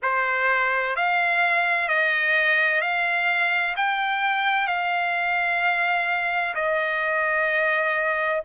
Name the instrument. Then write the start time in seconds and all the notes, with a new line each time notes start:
trumpet
0.02 C5
0.96 F5
1.88 D#5
2.81 F5
3.76 G5
4.67 F5
6.54 D#5